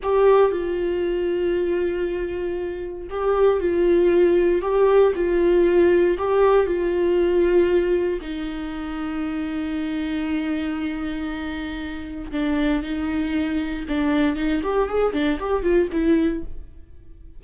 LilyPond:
\new Staff \with { instrumentName = "viola" } { \time 4/4 \tempo 4 = 117 g'4 f'2.~ | f'2 g'4 f'4~ | f'4 g'4 f'2 | g'4 f'2. |
dis'1~ | dis'1 | d'4 dis'2 d'4 | dis'8 g'8 gis'8 d'8 g'8 f'8 e'4 | }